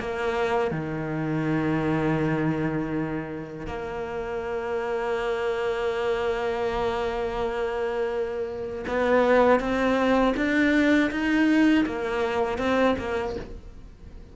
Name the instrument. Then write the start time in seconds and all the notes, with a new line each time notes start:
cello
0.00 A#3
0.71 D#3
3.67 A#3
8.88 B3
9.60 C4
10.37 D4
11.11 D#4
11.86 A#3
12.59 C4
12.99 A#3